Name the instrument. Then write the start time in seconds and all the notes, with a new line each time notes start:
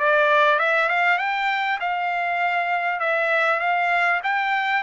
trumpet
0.00 D5
0.59 E5
0.89 F5
1.19 G5
1.80 F5
3.00 E5
3.60 F5
4.24 G5